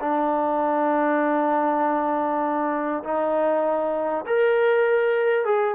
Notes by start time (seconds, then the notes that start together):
0.00 D4
3.04 D#4
4.26 A#4
5.45 G#4